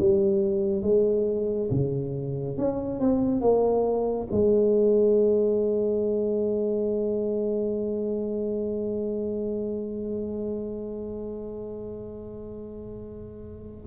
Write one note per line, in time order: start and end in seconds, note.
0.00 0.83 G3
0.83 1.70 G#3
1.71 2.58 C#3
2.58 3.00 C#4
3.00 3.42 C4
3.42 4.28 A#3
4.32 13.88 G#3